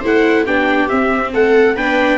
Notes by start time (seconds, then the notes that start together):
0.00 A3 E4 C5
0.06 F#5
0.46 B3 D4 G4 G5
0.89 C4 E5
1.34 A3 A4 F#5
1.77 B3 D4 B4 G5